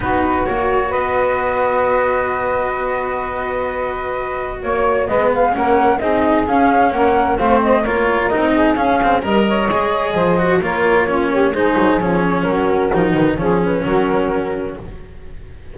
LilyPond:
<<
  \new Staff \with { instrumentName = "flute" } { \time 4/4 \tempo 4 = 130 b'4 cis''4 dis''2~ | dis''1~ | dis''2 cis''4 dis''8 f''8 | fis''4 dis''4 f''4 fis''4 |
f''8 dis''8 cis''4 dis''4 f''4 | dis''2. cis''4~ | cis''4 c''4 cis''4 ais'4~ | ais'8 b'8 cis''8 b'8 ais'2 | }
  \new Staff \with { instrumentName = "saxophone" } { \time 4/4 fis'2 b'2~ | b'1~ | b'2 cis''4 b'4 | ais'4 gis'2 ais'4 |
c''4 ais'4. gis'4. | ais'8 cis''4. c''4 ais'4 | f'8 g'8 gis'2 fis'4~ | fis'4 gis'4 fis'2 | }
  \new Staff \with { instrumentName = "cello" } { \time 4/4 dis'4 fis'2.~ | fis'1~ | fis'2. b4 | cis'4 dis'4 cis'2 |
c'4 f'4 dis'4 cis'8 c'8 | ais'4 gis'4. fis'8 f'4 | cis'4 dis'4 cis'2 | dis'4 cis'2. | }
  \new Staff \with { instrumentName = "double bass" } { \time 4/4 b4 ais4 b2~ | b1~ | b2 ais4 gis4 | ais4 c'4 cis'4 ais4 |
a4 ais4 c'4 cis'4 | g4 gis4 f4 ais4~ | ais4 gis8 fis8 f4 fis4 | f8 dis8 f4 fis2 | }
>>